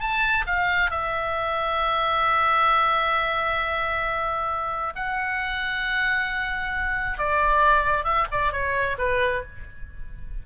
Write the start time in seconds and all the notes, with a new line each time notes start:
0.00 A5
0.46 F5
0.90 E5
4.95 F#5
7.18 D5
8.04 E5
8.31 D5
8.52 C#5
8.98 B4